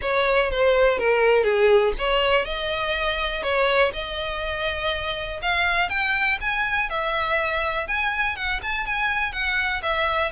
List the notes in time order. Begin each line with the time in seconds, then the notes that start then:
0.01 C#5
0.51 C5
0.98 A#4
1.43 G#4
1.98 C#5
2.45 D#5
3.42 C#5
3.93 D#5
5.42 F5
5.89 G5
6.40 G#5
6.89 E5
7.87 G#5
8.36 F#5
8.62 A5
8.85 G#5
9.32 F#5
9.82 E5